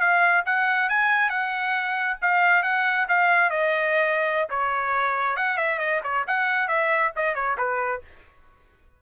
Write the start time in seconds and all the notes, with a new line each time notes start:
0.00 F5
0.46 F#5
0.89 G#5
1.30 F#5
2.22 F5
2.63 F#5
3.08 F5
3.50 D#5
4.50 C#5
5.36 F#5
5.57 E5
5.79 D#5
6.03 C#5
6.27 F#5
6.68 E5
7.16 D#5
7.35 C#5
7.58 B4